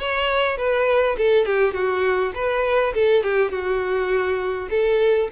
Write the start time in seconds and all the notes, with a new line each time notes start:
0.00 C#5
0.58 B4
1.18 A4
1.46 G4
1.74 F#4
2.35 B4
2.94 A4
3.24 G4
3.52 F#4
4.71 A4